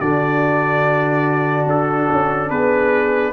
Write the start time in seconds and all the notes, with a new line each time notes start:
0.00 D3 D4 F#4 D5
1.66 D4 A4
2.11 C#4
2.50 B3 G#4 B4